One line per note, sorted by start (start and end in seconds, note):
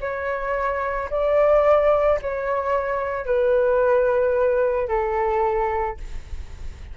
0.00 1.09 C#5
1.10 2.19 D5
2.21 3.25 C#5
3.25 4.87 B4
4.87 5.97 A4